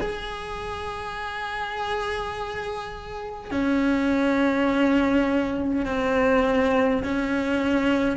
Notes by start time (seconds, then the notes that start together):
0.00 G#4
3.51 C#4
5.85 C4
7.03 C#4